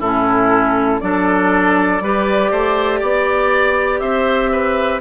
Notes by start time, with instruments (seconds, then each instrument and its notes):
0.00 bassoon A2, clarinet C#4, oboe E4, flute A4
1.01 bassoon F#3, clarinet D4, oboe A4, flute D5
2.01 bassoon G3, clarinet G4, oboe B4
2.52 bassoon A3, oboe C5
3.00 bassoon B3, oboe D5
4.00 bassoon C4, oboe C5, flute E5
4.52 oboe B4